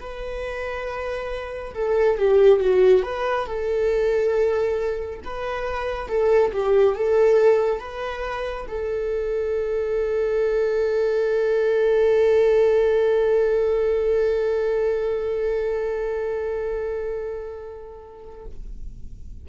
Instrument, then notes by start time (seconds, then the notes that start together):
viola
0.00 B4
1.74 A4
2.18 G4
2.60 F#4
3.03 B4
3.47 A4
5.24 B4
6.08 A4
6.53 G4
6.95 A4
7.80 B4
8.68 A4